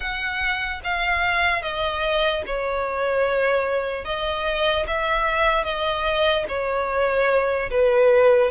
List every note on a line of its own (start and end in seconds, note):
0.00 0.80 F#5
0.84 1.61 F5
1.61 2.43 D#5
2.46 4.05 C#5
4.05 4.86 D#5
4.87 5.64 E5
5.64 6.45 D#5
6.48 7.70 C#5
7.70 8.51 B4